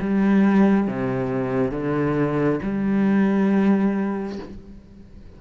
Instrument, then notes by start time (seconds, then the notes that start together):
cello
0.00 G3
0.87 C3
1.71 D3
2.62 G3